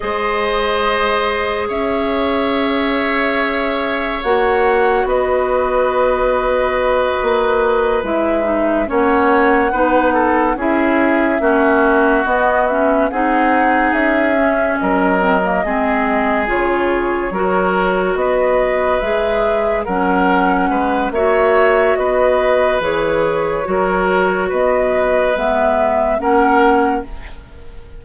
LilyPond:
<<
  \new Staff \with { instrumentName = "flute" } { \time 4/4 \tempo 4 = 71 dis''2 e''2~ | e''4 fis''4 dis''2~ | dis''4. e''4 fis''4.~ | fis''8 e''2 dis''8 e''8 fis''8~ |
fis''8 e''4 dis''2 cis''8~ | cis''4. dis''4 e''4 fis''8~ | fis''4 e''4 dis''4 cis''4~ | cis''4 dis''4 e''4 fis''4 | }
  \new Staff \with { instrumentName = "oboe" } { \time 4/4 c''2 cis''2~ | cis''2 b'2~ | b'2~ b'8 cis''4 b'8 | a'8 gis'4 fis'2 gis'8~ |
gis'4. ais'4 gis'4.~ | gis'8 ais'4 b'2 ais'8~ | ais'8 b'8 cis''4 b'2 | ais'4 b'2 ais'4 | }
  \new Staff \with { instrumentName = "clarinet" } { \time 4/4 gis'1~ | gis'4 fis'2.~ | fis'4. e'8 dis'8 cis'4 dis'8~ | dis'8 e'4 cis'4 b8 cis'8 dis'8~ |
dis'4 cis'4 c'16 ais16 c'4 f'8~ | f'8 fis'2 gis'4 cis'8~ | cis'4 fis'2 gis'4 | fis'2 b4 cis'4 | }
  \new Staff \with { instrumentName = "bassoon" } { \time 4/4 gis2 cis'2~ | cis'4 ais4 b2~ | b8 ais4 gis4 ais4 b8~ | b8 cis'4 ais4 b4 c'8~ |
c'8 cis'4 fis4 gis4 cis8~ | cis8 fis4 b4 gis4 fis8~ | fis8 gis8 ais4 b4 e4 | fis4 b4 gis4 ais4 | }
>>